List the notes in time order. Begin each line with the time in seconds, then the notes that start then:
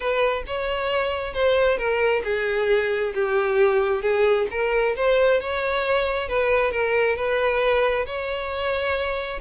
0.00 B4
0.47 C#5
1.33 C5
1.77 A#4
2.24 G#4
3.14 G4
4.02 G#4
4.50 A#4
4.96 C5
5.40 C#5
6.28 B4
6.71 A#4
7.16 B4
8.05 C#5